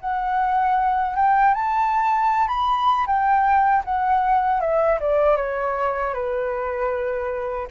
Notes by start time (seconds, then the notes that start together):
0.00 F#5
1.16 G5
1.54 A5
2.48 B5
3.06 G5
3.84 F#5
4.60 E5
5.00 D5
5.36 C#5
6.14 B4